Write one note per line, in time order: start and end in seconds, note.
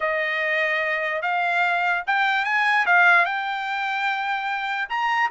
0.00 1.22 D#5
1.22 2.03 F5
2.06 2.45 G5
2.45 2.85 G#5
2.86 3.25 F5
3.25 4.88 G5
4.89 5.29 A#5